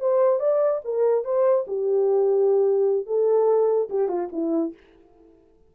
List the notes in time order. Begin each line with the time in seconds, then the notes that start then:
0.00 C5
0.40 D5
0.84 A#4
1.24 C5
1.67 G4
3.07 A4
3.90 G4
4.08 F4
4.32 E4